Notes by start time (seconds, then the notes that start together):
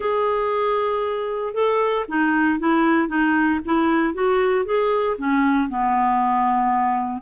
0.00 G#4
1.54 A4
2.08 D#4
2.59 E4
3.08 D#4
3.65 E4
4.14 F#4
4.65 G#4
5.18 C#4
5.69 B3